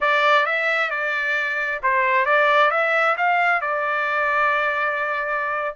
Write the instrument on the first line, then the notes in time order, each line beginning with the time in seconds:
trumpet
0.00 D5
0.46 E5
0.90 D5
1.83 C5
2.25 D5
2.71 E5
3.17 F5
3.61 D5